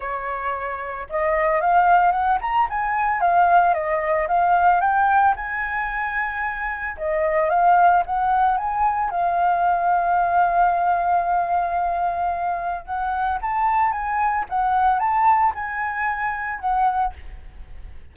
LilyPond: \new Staff \with { instrumentName = "flute" } { \time 4/4 \tempo 4 = 112 cis''2 dis''4 f''4 | fis''8 ais''8 gis''4 f''4 dis''4 | f''4 g''4 gis''2~ | gis''4 dis''4 f''4 fis''4 |
gis''4 f''2.~ | f''1 | fis''4 a''4 gis''4 fis''4 | a''4 gis''2 fis''4 | }